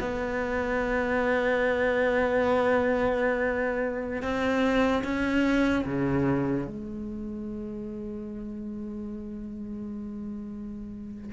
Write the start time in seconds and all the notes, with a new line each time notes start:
0.00 B3
4.22 C4
5.03 C#4
5.86 C#3
6.66 G#3